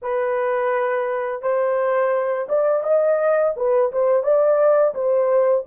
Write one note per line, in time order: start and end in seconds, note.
0.02 1.41 B4
1.41 2.47 C5
2.48 2.83 D5
2.83 3.54 D#5
3.56 3.91 B4
3.92 4.23 C5
4.23 4.93 D5
4.94 5.64 C5